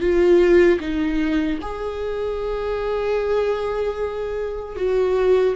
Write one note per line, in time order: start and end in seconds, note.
0.00 0.79 F4
0.80 1.59 D#4
1.61 4.76 G#4
4.76 5.55 F#4